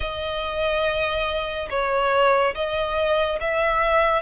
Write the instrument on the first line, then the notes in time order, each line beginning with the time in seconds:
violin
0.00 D#5
1.69 C#5
2.54 D#5
3.40 E5